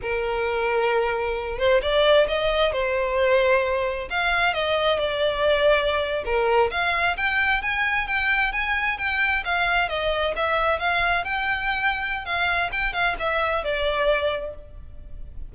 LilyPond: \new Staff \with { instrumentName = "violin" } { \time 4/4 \tempo 4 = 132 ais'2.~ ais'8 c''8 | d''4 dis''4 c''2~ | c''4 f''4 dis''4 d''4~ | d''4.~ d''16 ais'4 f''4 g''16~ |
g''8. gis''4 g''4 gis''4 g''16~ | g''8. f''4 dis''4 e''4 f''16~ | f''8. g''2~ g''16 f''4 | g''8 f''8 e''4 d''2 | }